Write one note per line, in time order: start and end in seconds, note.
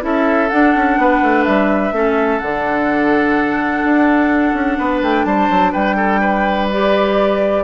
0.00 0.50 C#4
0.00 0.48 E4
0.00 1.00 A4
0.00 0.49 E5
0.49 0.75 D4
0.49 1.93 D4
0.49 1.43 F#5
0.75 0.97 C#4
0.97 1.21 B3
0.97 1.94 B4
1.22 1.46 A3
1.43 1.91 G3
1.43 2.39 E5
1.91 2.39 A3
1.91 2.41 C#4
1.91 4.78 A4
2.39 3.83 D3
2.39 6.71 D4
2.39 5.00 F#5
3.83 4.53 D4
4.53 4.77 C#4
4.78 5.02 B3
4.78 5.25 B4
5.02 5.24 A3
5.02 5.24 G5
5.24 5.48 G3
5.24 5.72 C5
5.24 5.72 A5
5.49 5.73 F#3
5.72 7.63 G3
5.72 5.95 B4
5.72 6.68 G5
5.96 6.20 A4
6.20 7.63 B4
6.70 7.63 G4
6.70 7.63 D5